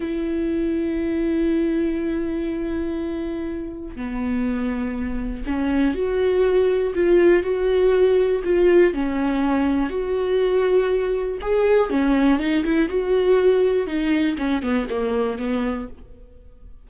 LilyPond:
\new Staff \with { instrumentName = "viola" } { \time 4/4 \tempo 4 = 121 e'1~ | e'1 | b2. cis'4 | fis'2 f'4 fis'4~ |
fis'4 f'4 cis'2 | fis'2. gis'4 | cis'4 dis'8 e'8 fis'2 | dis'4 cis'8 b8 ais4 b4 | }